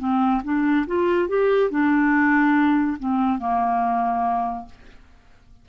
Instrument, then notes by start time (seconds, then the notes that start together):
clarinet
0.00 C4
0.45 D4
0.87 F4
1.29 G4
1.71 D4
3.00 C4
3.40 A#3